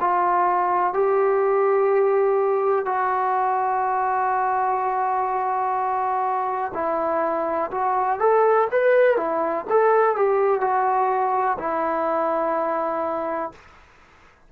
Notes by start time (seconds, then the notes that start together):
0.00 F4
0.93 G4
2.85 F#4
6.74 E4
7.71 F#4
8.20 A4
8.71 B4
9.17 E4
9.70 A4
10.16 G4
10.61 F#4
11.59 E4